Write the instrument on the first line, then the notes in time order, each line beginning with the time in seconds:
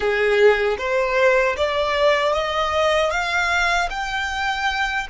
violin
0.00 G#4
0.78 C5
1.56 D5
2.32 D#5
3.11 F5
3.90 G5